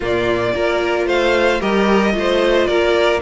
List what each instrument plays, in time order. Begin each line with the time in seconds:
0.00 cello A#2, viola A#3, violin F4 D5
0.53 cello A#3, viola F4, violin A#4
1.06 cello A3, violin C5 F5
1.60 cello G3, viola G4, violin A#4 D#5
2.13 cello A3, viola F4, violin C5
2.66 cello A#3, violin A#4 D5